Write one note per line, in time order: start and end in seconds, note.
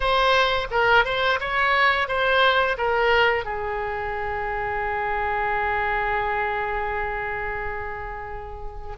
0.00 0.67 C5
0.70 1.05 A#4
1.05 1.39 C5
1.39 2.08 C#5
2.08 2.76 C5
2.77 3.44 A#4
3.44 8.96 G#4